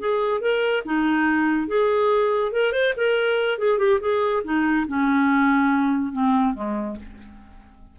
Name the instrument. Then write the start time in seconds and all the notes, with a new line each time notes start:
clarinet
0.00 G#4
0.41 A#4
0.85 D#4
1.68 G#4
2.52 A#4
2.73 C5
2.97 A#4
3.59 G#4
3.79 G4
4.01 G#4
4.44 D#4
4.88 C#4
6.12 C4
6.54 G#3